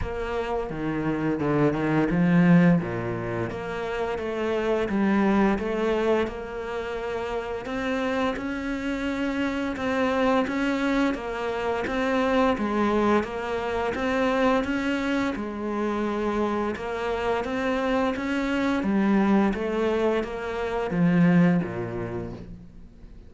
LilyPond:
\new Staff \with { instrumentName = "cello" } { \time 4/4 \tempo 4 = 86 ais4 dis4 d8 dis8 f4 | ais,4 ais4 a4 g4 | a4 ais2 c'4 | cis'2 c'4 cis'4 |
ais4 c'4 gis4 ais4 | c'4 cis'4 gis2 | ais4 c'4 cis'4 g4 | a4 ais4 f4 ais,4 | }